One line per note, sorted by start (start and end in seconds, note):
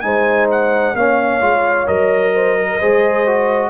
0.00 0.94 G#3
0.00 0.94 D#4
0.00 0.97 C5
0.00 0.46 G#5
0.51 0.95 F#5
0.94 1.40 A#3
0.94 1.40 C#4
0.94 2.34 C#5
0.94 1.87 F5
1.40 1.86 G#3
1.40 1.86 F4
1.86 2.80 F#3
1.86 2.79 A#4
1.86 3.70 D#5
2.34 2.57 C5
2.59 2.77 A#4
2.77 3.70 G#3
2.77 3.26 G#4
2.77 3.70 C5
3.26 3.70 F#4